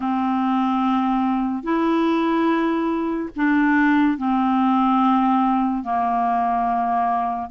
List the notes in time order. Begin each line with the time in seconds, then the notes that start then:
0.00 C4
1.62 E4
3.35 D4
4.17 C4
5.83 A#3